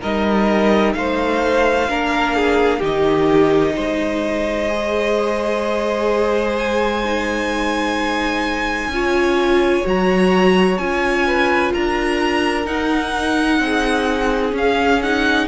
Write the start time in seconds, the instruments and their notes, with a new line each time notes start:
0.00 cello G3, viola D#4, violin A#4 D#5
0.93 cello A3, violin C5 F5
1.88 cello A#3, viola D4, violin A#4
2.35 violin G#4
2.79 cello D#3, viola D#4, violin G4 D#5
3.75 cello G#3, violin C5
4.68 viola G#4
6.58 violin G#5
7.04 viola D#4
8.87 cello C#4, viola F4
8.95 violin C#5
9.83 cello F#3, viola F#4, violin A#5
10.78 cello C#4, viola F4, violin G#5
11.27 violin B4
11.72 cello D4, violin A#4 A#5
12.65 viola D#4, cello D#4, violin F#5
13.59 cello C4, violin G#4
14.50 viola C#4, cello C#4
14.57 violin F5
15.02 viola D#4, violin F#5